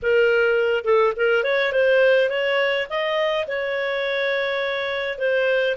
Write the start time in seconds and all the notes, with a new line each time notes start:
0.02 A#4
0.84 A4
1.16 A#4
1.43 C#5
1.72 C5
2.29 C#5
2.89 D#5
3.47 C#5
5.18 C5